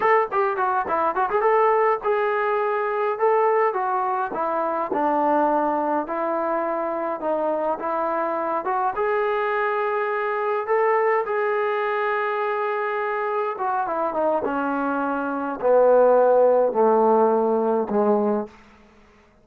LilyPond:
\new Staff \with { instrumentName = "trombone" } { \time 4/4 \tempo 4 = 104 a'8 g'8 fis'8 e'8 fis'16 gis'16 a'4 gis'8~ | gis'4. a'4 fis'4 e'8~ | e'8 d'2 e'4.~ | e'8 dis'4 e'4. fis'8 gis'8~ |
gis'2~ gis'8 a'4 gis'8~ | gis'2.~ gis'8 fis'8 | e'8 dis'8 cis'2 b4~ | b4 a2 gis4 | }